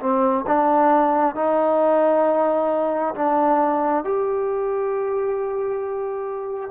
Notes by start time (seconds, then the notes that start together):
0.00 C4
0.47 D4
1.35 D#4
3.15 D4
4.04 G4